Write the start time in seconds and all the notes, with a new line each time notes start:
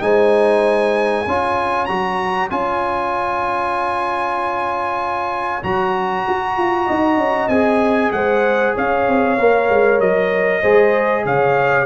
0.00 G#3 D#4 C5 G#5
1.27 C#4 F4 C#5
1.85 F#3 F#4 A#5
2.50 C#4 F4 G#5
5.63 F#3 F#4 A#5
6.28 F#4
6.57 F4
6.86 D#4 D#5
7.16 C#4
7.48 C4 G#4 G#5
8.11 G#3 C5 F#5
8.75 C#4 C#5 F5
9.08 C4
9.38 A#3 A#4
9.69 G#3
9.99 F#3 D#5
10.61 G#3 G#4 C5
11.25 C#3 C#5 F5